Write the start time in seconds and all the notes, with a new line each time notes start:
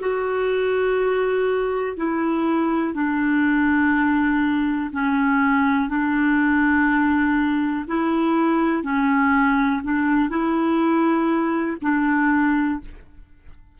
0.00 F#4
1.97 E4
2.94 D4
4.92 C#4
5.89 D4
7.88 E4
8.83 C#4
9.83 D4
10.30 E4
11.82 D4